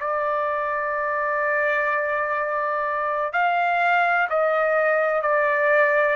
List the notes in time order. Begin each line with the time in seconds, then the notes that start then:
0.00 D5
3.33 F5
4.29 D#5
5.22 D5